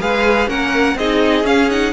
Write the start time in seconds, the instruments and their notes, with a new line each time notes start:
0.00 cello G#3, viola G#4, violin B4 F5
0.48 cello A#3, viola C#4, violin A#4 F#5
0.95 cello C4, viola D#4, violin G#4 D#5
1.44 cello C#4, viola C#4, violin F5
1.70 viola D#4, violin F#5